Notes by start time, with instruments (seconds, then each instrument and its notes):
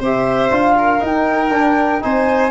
0.00 tuba C4, trombone G4, violin C5, flute E5
0.51 tuba D4, trombone F4, flute F5
0.78 violin A#4
1.00 trombone D#4, tuba D#4, flute G5
1.51 tuba D4, trombone D4
2.01 tuba C4, trombone D#4, violin C5, flute G#5